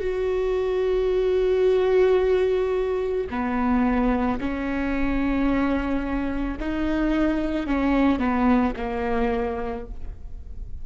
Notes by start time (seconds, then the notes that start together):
0.00 F#4
3.31 B3
4.41 C#4
6.60 D#4
7.67 C#4
8.19 B3
8.77 A#3